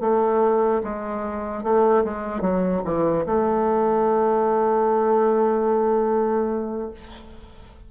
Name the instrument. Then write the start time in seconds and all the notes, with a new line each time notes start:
bassoon
0.00 A3
0.83 G#3
1.63 A3
2.04 G#3
2.41 F#3
2.84 E3
3.25 A3